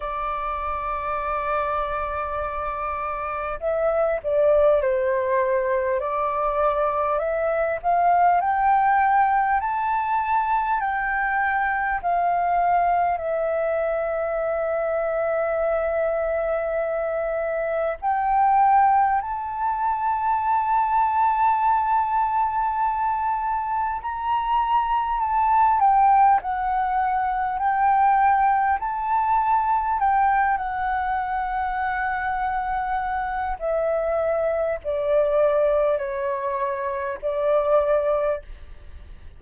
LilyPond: \new Staff \with { instrumentName = "flute" } { \time 4/4 \tempo 4 = 50 d''2. e''8 d''8 | c''4 d''4 e''8 f''8 g''4 | a''4 g''4 f''4 e''4~ | e''2. g''4 |
a''1 | ais''4 a''8 g''8 fis''4 g''4 | a''4 g''8 fis''2~ fis''8 | e''4 d''4 cis''4 d''4 | }